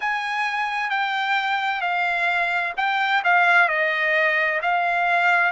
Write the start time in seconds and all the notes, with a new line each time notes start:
0.00 G#5
0.89 G5
1.81 F5
2.77 G5
3.23 F5
3.68 D#5
4.62 F5